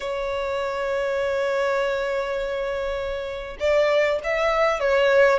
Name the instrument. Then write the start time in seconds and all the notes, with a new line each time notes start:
violin
0.00 C#5
3.59 D5
4.23 E5
4.80 C#5